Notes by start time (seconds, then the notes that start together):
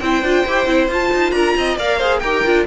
0.00 C4 E4 C5 G5
0.23 D4 F4
0.46 E4 G4
0.66 C4 E4
0.88 F4 A5
1.14 D#4
1.31 D4 A#4 A#5
1.57 C4 D#5
1.78 A#3 A#4 D5 F5
1.98 G#4 C5
2.19 D#4 G4 A#4 G5
2.45 D4 F4